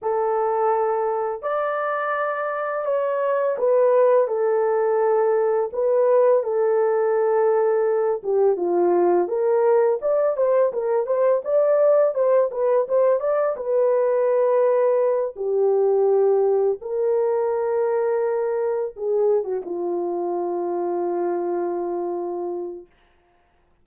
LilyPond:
\new Staff \with { instrumentName = "horn" } { \time 4/4 \tempo 4 = 84 a'2 d''2 | cis''4 b'4 a'2 | b'4 a'2~ a'8 g'8 | f'4 ais'4 d''8 c''8 ais'8 c''8 |
d''4 c''8 b'8 c''8 d''8 b'4~ | b'4. g'2 ais'8~ | ais'2~ ais'8 gis'8. fis'16 f'8~ | f'1 | }